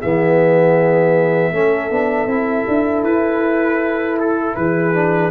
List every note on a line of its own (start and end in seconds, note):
0.00 1.52 E3
0.00 1.53 B3
0.00 1.52 G#4
0.00 3.04 E5
1.52 1.90 A3
1.52 1.90 C#4
1.52 4.56 A4
1.90 2.26 B3
1.90 2.28 D4
2.26 2.64 C4
2.26 4.93 E4
2.67 3.03 D4
3.03 4.55 E4
3.03 4.18 B4
4.19 4.55 A4
4.55 5.30 E3
4.55 5.30 G#4
4.55 5.30 B4
4.93 5.30 D4